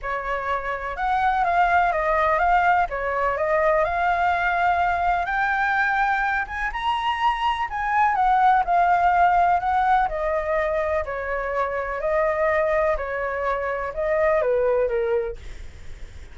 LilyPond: \new Staff \with { instrumentName = "flute" } { \time 4/4 \tempo 4 = 125 cis''2 fis''4 f''4 | dis''4 f''4 cis''4 dis''4 | f''2. g''4~ | g''4. gis''8 ais''2 |
gis''4 fis''4 f''2 | fis''4 dis''2 cis''4~ | cis''4 dis''2 cis''4~ | cis''4 dis''4 b'4 ais'4 | }